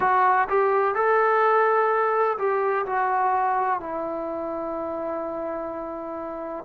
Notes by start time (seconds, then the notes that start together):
0.00 F#4
0.48 G4
0.94 A4
2.38 G4
2.86 F#4
3.80 E4